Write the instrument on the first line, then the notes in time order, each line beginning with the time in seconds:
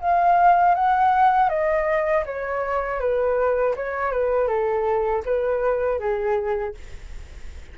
flute
0.00 F5
0.74 F#5
1.49 D#5
2.25 C#5
2.99 B4
3.76 C#5
4.11 B4
4.47 A4
5.25 B4
5.99 G#4